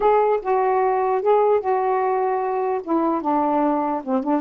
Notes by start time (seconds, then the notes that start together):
0.00 G#4
0.42 F#4
1.22 G#4
1.60 F#4
2.83 E4
3.21 D4
4.04 C4
4.23 D4